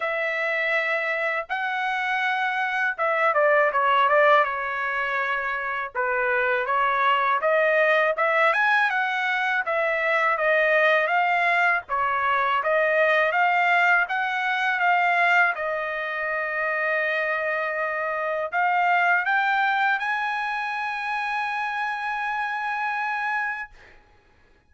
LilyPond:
\new Staff \with { instrumentName = "trumpet" } { \time 4/4 \tempo 4 = 81 e''2 fis''2 | e''8 d''8 cis''8 d''8 cis''2 | b'4 cis''4 dis''4 e''8 gis''8 | fis''4 e''4 dis''4 f''4 |
cis''4 dis''4 f''4 fis''4 | f''4 dis''2.~ | dis''4 f''4 g''4 gis''4~ | gis''1 | }